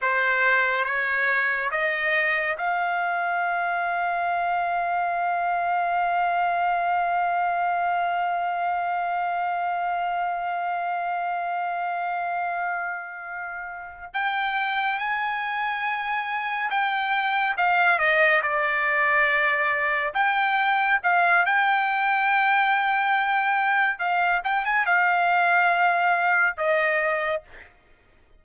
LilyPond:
\new Staff \with { instrumentName = "trumpet" } { \time 4/4 \tempo 4 = 70 c''4 cis''4 dis''4 f''4~ | f''1~ | f''1~ | f''1~ |
f''8 g''4 gis''2 g''8~ | g''8 f''8 dis''8 d''2 g''8~ | g''8 f''8 g''2. | f''8 g''16 gis''16 f''2 dis''4 | }